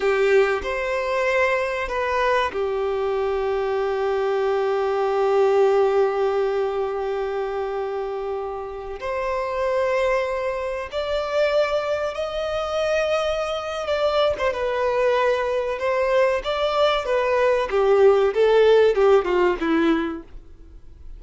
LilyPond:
\new Staff \with { instrumentName = "violin" } { \time 4/4 \tempo 4 = 95 g'4 c''2 b'4 | g'1~ | g'1~ | g'2~ g'16 c''4.~ c''16~ |
c''4~ c''16 d''2 dis''8.~ | dis''2 d''8. c''16 b'4~ | b'4 c''4 d''4 b'4 | g'4 a'4 g'8 f'8 e'4 | }